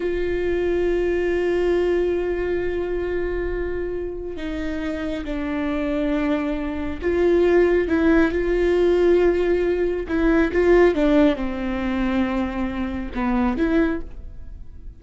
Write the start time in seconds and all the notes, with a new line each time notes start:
0.00 F4
4.37 D#4
5.24 D4
7.01 F4
7.88 E4
8.31 F4
10.07 E4
10.52 F4
10.94 D4
11.35 C4
13.14 B3
13.57 E4